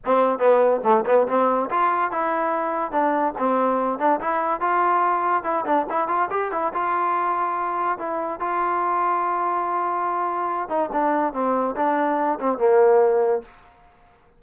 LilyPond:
\new Staff \with { instrumentName = "trombone" } { \time 4/4 \tempo 4 = 143 c'4 b4 a8 b8 c'4 | f'4 e'2 d'4 | c'4. d'8 e'4 f'4~ | f'4 e'8 d'8 e'8 f'8 g'8 e'8 |
f'2. e'4 | f'1~ | f'4. dis'8 d'4 c'4 | d'4. c'8 ais2 | }